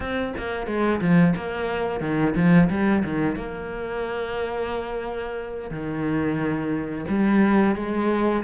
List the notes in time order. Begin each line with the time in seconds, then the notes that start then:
0.00 C4
0.37 A#3
0.66 G#3
1.01 F3
1.35 A#3
2.00 D#3
2.35 F3
2.69 G3
3.04 D#3
3.36 A#3
5.70 D#3
7.08 G3
7.75 G#3